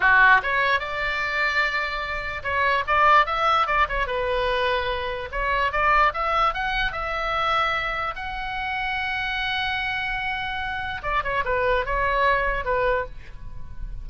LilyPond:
\new Staff \with { instrumentName = "oboe" } { \time 4/4 \tempo 4 = 147 fis'4 cis''4 d''2~ | d''2 cis''4 d''4 | e''4 d''8 cis''8 b'2~ | b'4 cis''4 d''4 e''4 |
fis''4 e''2. | fis''1~ | fis''2. d''8 cis''8 | b'4 cis''2 b'4 | }